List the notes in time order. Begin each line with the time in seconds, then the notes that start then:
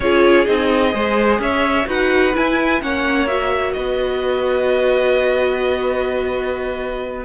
0.00 C#4 F4 G#4 C#5
0.44 C4 D#4 D#5
0.90 G#3 G#4 C5
1.39 C#4 C#5 E5
1.85 D#4 F#4 B4 F#5
2.34 E4 G#5
2.81 A#3 C#4 C#5 F#5
3.27 F#4 E5
3.72 B3 B4 D#5